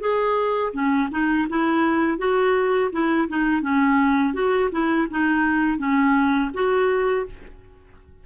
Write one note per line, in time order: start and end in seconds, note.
0.00 0.72 G#4
0.73 1.09 C#4
1.11 1.47 D#4
1.49 2.18 E4
2.18 2.90 F#4
2.92 3.28 E4
3.28 3.62 D#4
3.62 4.34 C#4
4.34 4.70 F#4
4.72 5.08 E4
5.11 5.78 D#4
5.78 6.50 C#4
6.54 7.26 F#4